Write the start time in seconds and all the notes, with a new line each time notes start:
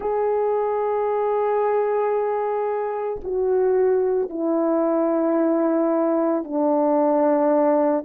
0.00 G#4
3.24 F#4
4.29 E4
6.44 D4